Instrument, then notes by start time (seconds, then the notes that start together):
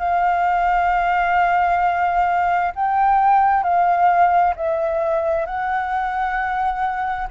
flute
0.00 F5
2.76 G5
3.64 F5
4.56 E5
5.46 F#5